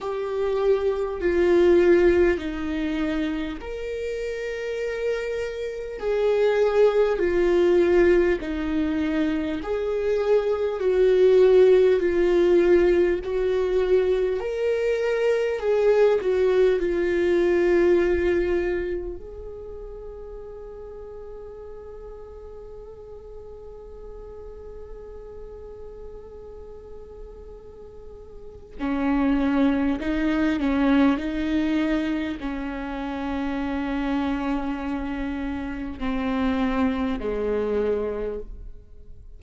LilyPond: \new Staff \with { instrumentName = "viola" } { \time 4/4 \tempo 4 = 50 g'4 f'4 dis'4 ais'4~ | ais'4 gis'4 f'4 dis'4 | gis'4 fis'4 f'4 fis'4 | ais'4 gis'8 fis'8 f'2 |
gis'1~ | gis'1 | cis'4 dis'8 cis'8 dis'4 cis'4~ | cis'2 c'4 gis4 | }